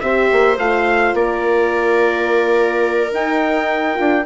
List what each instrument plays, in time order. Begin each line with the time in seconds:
0.00 bassoon C4, horn G4, viola C5, trumpet E5
0.32 bassoon A#3
0.57 bassoon A3, horn F4, trumpet F5
1.13 bassoon A#3, viola A#4, trumpet D5
3.11 horn D#4, bassoon D#4, trumpet G5
3.94 bassoon D4, horn F4